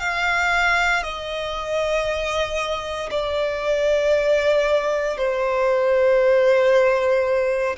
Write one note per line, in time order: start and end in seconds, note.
0.00 1.03 F5
1.03 3.10 D#5
3.10 5.17 D5
5.17 7.76 C5